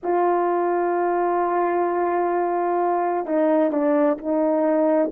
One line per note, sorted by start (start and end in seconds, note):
0.03 3.26 F4
3.26 3.71 D#4
3.71 4.17 D4
4.18 5.11 D#4